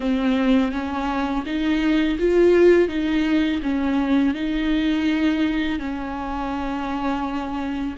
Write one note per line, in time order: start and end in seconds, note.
0.00 0.72 C4
0.72 1.44 C#4
1.46 2.18 D#4
2.19 2.88 F4
2.88 3.60 D#4
3.62 4.34 C#4
4.34 5.79 D#4
5.79 7.96 C#4